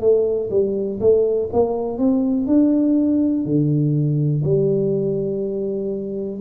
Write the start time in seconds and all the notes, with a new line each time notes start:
0.00 A3
0.50 G3
1.00 A3
1.52 A#3
1.98 C4
2.46 D4
3.45 D3
4.44 G3